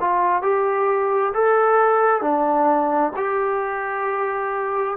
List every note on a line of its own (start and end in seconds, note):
0.00 0.43 F4
0.43 1.33 G4
1.34 2.21 A4
2.21 3.12 D4
3.16 4.97 G4